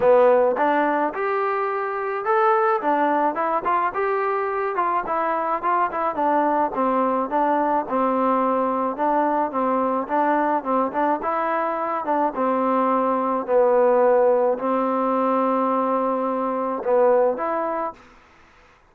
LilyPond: \new Staff \with { instrumentName = "trombone" } { \time 4/4 \tempo 4 = 107 b4 d'4 g'2 | a'4 d'4 e'8 f'8 g'4~ | g'8 f'8 e'4 f'8 e'8 d'4 | c'4 d'4 c'2 |
d'4 c'4 d'4 c'8 d'8 | e'4. d'8 c'2 | b2 c'2~ | c'2 b4 e'4 | }